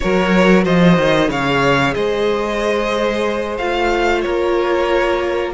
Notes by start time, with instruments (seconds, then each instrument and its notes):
0.00 cello F#3, viola F#4, violin A#4 C#5
0.64 cello F3, violin C5 D#5
0.97 cello D#3
1.29 cello C#3, viola G#4, violin C#5 F5
1.94 cello G#3, violin C5 D#5
3.57 cello A3, viola F4, violin F5
4.21 cello A#3, violin A#4 C#5